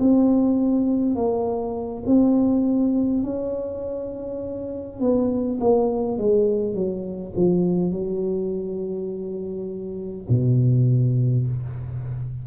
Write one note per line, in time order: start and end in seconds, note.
0.00 1.16 C4
1.16 2.04 A#3
2.06 3.24 C4
3.24 5.01 C#4
5.01 5.59 B3
5.61 6.18 A#3
6.18 6.75 G#3
6.75 7.34 F#3
7.36 7.92 F3
7.92 10.27 F#3
10.29 11.47 B2